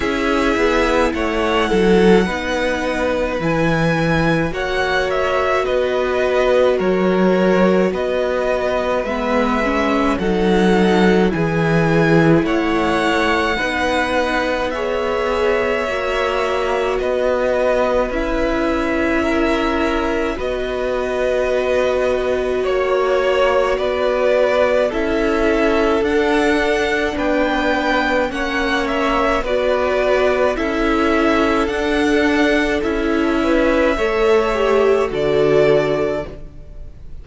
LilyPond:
<<
  \new Staff \with { instrumentName = "violin" } { \time 4/4 \tempo 4 = 53 e''4 fis''2 gis''4 | fis''8 e''8 dis''4 cis''4 dis''4 | e''4 fis''4 gis''4 fis''4~ | fis''4 e''2 dis''4 |
e''2 dis''2 | cis''4 d''4 e''4 fis''4 | g''4 fis''8 e''8 d''4 e''4 | fis''4 e''2 d''4 | }
  \new Staff \with { instrumentName = "violin" } { \time 4/4 gis'4 cis''8 a'8 b'2 | cis''4 b'4 ais'4 b'4~ | b'4 a'4 gis'4 cis''4 | b'4 cis''2 b'4~ |
b'4 ais'4 b'2 | cis''4 b'4 a'2 | b'4 cis''4 b'4 a'4~ | a'4. b'8 cis''4 a'4 | }
  \new Staff \with { instrumentName = "viola" } { \time 4/4 e'2 dis'4 e'4 | fis'1 | b8 cis'8 dis'4 e'2 | dis'4 gis'4 fis'2 |
e'2 fis'2~ | fis'2 e'4 d'4~ | d'4 cis'4 fis'4 e'4 | d'4 e'4 a'8 g'8 fis'4 | }
  \new Staff \with { instrumentName = "cello" } { \time 4/4 cis'8 b8 a8 fis8 b4 e4 | ais4 b4 fis4 b4 | gis4 fis4 e4 a4 | b2 ais4 b4 |
cis'2 b2 | ais4 b4 cis'4 d'4 | b4 ais4 b4 cis'4 | d'4 cis'4 a4 d4 | }
>>